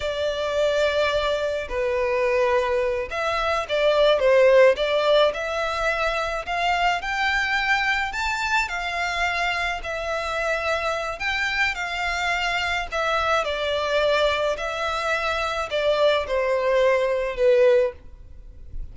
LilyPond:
\new Staff \with { instrumentName = "violin" } { \time 4/4 \tempo 4 = 107 d''2. b'4~ | b'4. e''4 d''4 c''8~ | c''8 d''4 e''2 f''8~ | f''8 g''2 a''4 f''8~ |
f''4. e''2~ e''8 | g''4 f''2 e''4 | d''2 e''2 | d''4 c''2 b'4 | }